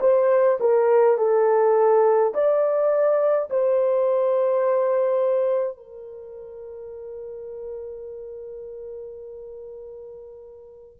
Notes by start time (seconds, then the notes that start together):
0.00 C5
0.60 A#4
1.17 A4
2.34 D5
3.50 C5
5.77 A#4